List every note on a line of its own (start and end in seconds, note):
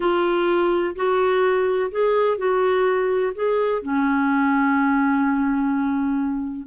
0.00 0.95 F4
0.95 1.90 F#4
1.91 2.37 G#4
2.37 3.32 F#4
3.34 3.82 G#4
3.82 6.67 C#4